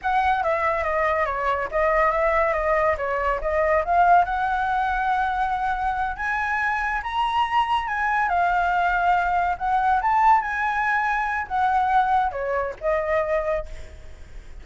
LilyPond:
\new Staff \with { instrumentName = "flute" } { \time 4/4 \tempo 4 = 141 fis''4 e''4 dis''4 cis''4 | dis''4 e''4 dis''4 cis''4 | dis''4 f''4 fis''2~ | fis''2~ fis''8 gis''4.~ |
gis''8 ais''2 gis''4 f''8~ | f''2~ f''8 fis''4 a''8~ | a''8 gis''2~ gis''8 fis''4~ | fis''4 cis''4 dis''2 | }